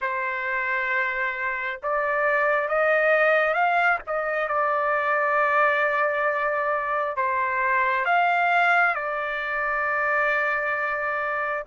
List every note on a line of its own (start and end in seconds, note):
0.01 1.80 C5
1.82 2.68 D5
2.68 3.54 D#5
3.54 3.99 F5
4.07 4.48 D#5
4.48 7.16 D5
7.16 8.05 C5
8.05 8.94 F5
8.95 11.63 D5